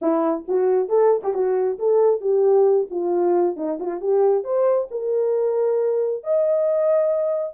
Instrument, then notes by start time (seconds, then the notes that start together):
horn
0.01 E4
0.47 F#4
0.88 A4
1.23 G4
1.33 F#4
1.78 A4
2.21 G4
2.90 F4
3.56 D#4
3.79 F4
4.00 G4
4.44 C5
4.90 A#4
6.23 D#5